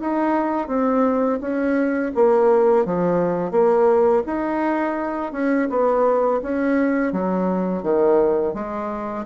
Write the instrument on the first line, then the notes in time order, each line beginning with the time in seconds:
bassoon
0.00 D#4
0.67 C4
1.40 C#4
2.14 A#3
2.85 F3
3.51 A#3
4.26 D#4
5.32 C#4
5.69 B3
6.42 C#4
7.12 F#3
7.82 D#3
8.54 G#3